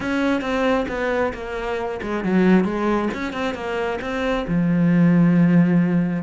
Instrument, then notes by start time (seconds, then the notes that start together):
cello
0.00 C#4
0.41 C4
0.88 B3
1.33 A#3
2.02 G#3
2.24 F#3
2.64 G#3
3.14 C#4
3.32 C4
3.54 A#3
4.01 C4
4.47 F3